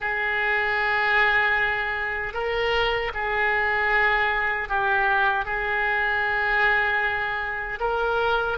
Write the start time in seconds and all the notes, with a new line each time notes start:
0.00 G#4
2.33 A#4
3.13 G#4
4.68 G4
5.45 G#4
7.80 A#4